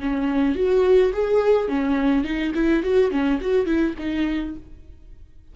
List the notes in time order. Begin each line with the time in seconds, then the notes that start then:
0.00 C#4
0.56 F#4
1.14 G#4
1.68 C#4
2.24 D#4
2.55 E4
2.83 F#4
3.11 C#4
3.41 F#4
3.66 E4
3.99 D#4